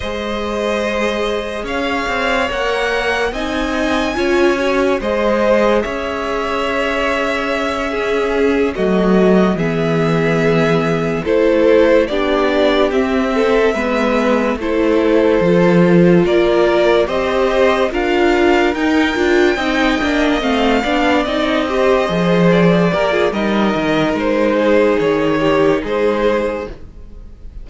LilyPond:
<<
  \new Staff \with { instrumentName = "violin" } { \time 4/4 \tempo 4 = 72 dis''2 f''4 fis''4 | gis''2 dis''4 e''4~ | e''2~ e''8 dis''4 e''8~ | e''4. c''4 d''4 e''8~ |
e''4. c''2 d''8~ | d''8 dis''4 f''4 g''4.~ | g''8 f''4 dis''4. d''4 | dis''4 c''4 cis''4 c''4 | }
  \new Staff \with { instrumentName = "violin" } { \time 4/4 c''2 cis''2 | dis''4 cis''4 c''4 cis''4~ | cis''4. gis'4 fis'4 gis'8~ | gis'4. a'4 g'4. |
a'8 b'4 a'2 ais'8~ | ais'8 c''4 ais'2 dis''8~ | dis''4 d''4 c''4. ais'16 gis'16 | ais'4. gis'4 g'8 gis'4 | }
  \new Staff \with { instrumentName = "viola" } { \time 4/4 gis'2. ais'4 | dis'4 f'8 fis'8 gis'2~ | gis'4. cis'4 a4 b8~ | b4. e'4 d'4 c'8~ |
c'8 b4 e'4 f'4.~ | f'8 g'4 f'4 dis'8 f'8 dis'8 | d'8 c'8 d'8 dis'8 g'8 gis'4 g'16 f'16 | dis'1 | }
  \new Staff \with { instrumentName = "cello" } { \time 4/4 gis2 cis'8 c'8 ais4 | c'4 cis'4 gis4 cis'4~ | cis'2~ cis'8 fis4 e8~ | e4. a4 b4 c'8~ |
c'8 gis4 a4 f4 ais8~ | ais8 c'4 d'4 dis'8 d'8 c'8 | ais8 a8 b8 c'4 f4 ais8 | g8 dis8 gis4 dis4 gis4 | }
>>